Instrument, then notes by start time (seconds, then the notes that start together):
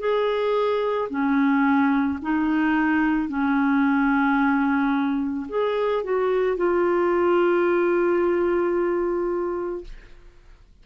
clarinet
0.00 G#4
1.10 C#4
2.23 D#4
3.29 C#4
5.49 G#4
6.04 F#4
6.57 F4